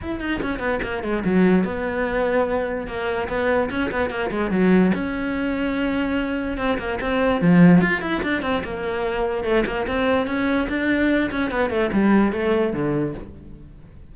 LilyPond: \new Staff \with { instrumentName = "cello" } { \time 4/4 \tempo 4 = 146 e'8 dis'8 cis'8 b8 ais8 gis8 fis4 | b2. ais4 | b4 cis'8 b8 ais8 gis8 fis4 | cis'1 |
c'8 ais8 c'4 f4 f'8 e'8 | d'8 c'8 ais2 a8 ais8 | c'4 cis'4 d'4. cis'8 | b8 a8 g4 a4 d4 | }